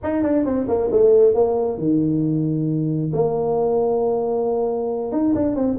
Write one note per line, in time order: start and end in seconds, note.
0.03 0.22 D#4
0.22 0.45 D4
0.45 0.67 C4
0.67 0.90 A#3
0.91 1.34 A3
1.34 1.78 A#3
1.78 3.11 D#3
3.13 5.12 A#3
5.12 5.34 D#4
5.35 5.55 D4
5.55 5.77 C4